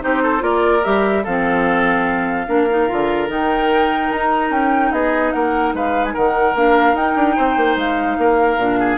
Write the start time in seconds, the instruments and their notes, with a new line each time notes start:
0.00 bassoon C4, clarinet D#4, oboe G4, flute C5
0.23 oboe A4
0.39 bassoon A#3, clarinet F4, oboe A#4, flute D5
0.84 bassoon G3, clarinet G4, flute E5
1.23 bassoon F3, clarinet C4, oboe A4, flute F5
2.47 bassoon A#3, clarinet D4, oboe A#4
2.70 clarinet D#4
2.88 bassoon D3, clarinet F4
3.28 bassoon D#3, clarinet D#4, flute G5
4.11 bassoon D#4, flute A#5
4.50 bassoon C#4, flute G5
4.91 bassoon B3, oboe G#4, flute D#5
5.32 bassoon A#3, oboe A#4, flute F#5
5.73 bassoon G#3, oboe B4, flute F5
6.05 flute G#5
6.13 bassoon D#3, oboe A#4, flute F#5
6.54 bassoon A#3, clarinet D4, flute F5
6.93 bassoon D#4, clarinet D#4, flute G5
7.16 bassoon D4
7.36 bassoon C4, oboe C5
7.56 bassoon A#3
7.76 bassoon G#3, flute F5
8.18 bassoon A#3, oboe A#4
8.57 bassoon A#2, clarinet D4
8.79 oboe G#4